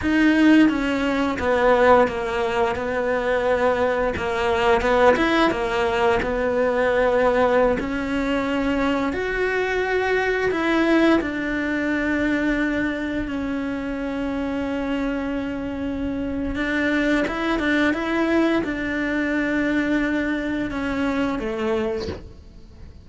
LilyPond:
\new Staff \with { instrumentName = "cello" } { \time 4/4 \tempo 4 = 87 dis'4 cis'4 b4 ais4 | b2 ais4 b8 e'8 | ais4 b2~ b16 cis'8.~ | cis'4~ cis'16 fis'2 e'8.~ |
e'16 d'2. cis'8.~ | cis'1 | d'4 e'8 d'8 e'4 d'4~ | d'2 cis'4 a4 | }